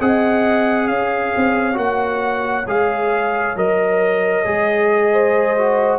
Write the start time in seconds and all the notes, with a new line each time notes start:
0.00 C4 G#4 D#5 F#5
0.88 C#4 C#5 F5
1.36 C4
1.74 A#3 F#4 F#5
2.67 G#3 G#4 F5
3.56 F#3 A#4 D#5
4.45 G#3 G#4
5.12 C5
5.58 F#4